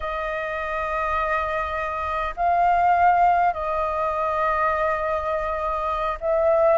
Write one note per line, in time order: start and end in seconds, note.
0.00 2.34 D#5
2.36 3.53 F5
3.53 6.18 D#5
6.20 6.77 E5